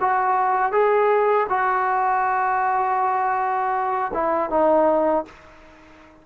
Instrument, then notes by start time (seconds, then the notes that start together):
trombone
0.00 F#4
0.72 G#4
1.49 F#4
4.13 E4
4.50 D#4